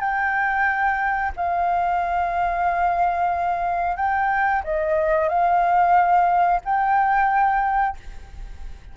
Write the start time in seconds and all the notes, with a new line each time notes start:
0.00 G5
1.36 F5
3.96 G5
4.64 D#5
5.29 F5
6.65 G5